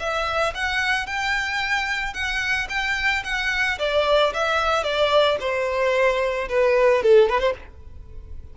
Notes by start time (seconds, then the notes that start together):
0.00 E5
0.55 F#5
1.07 G5
2.14 F#5
2.70 G5
3.25 F#5
3.79 D5
4.34 E5
4.84 D5
5.41 C5
6.49 B4
7.03 A4
7.29 B4
7.41 C5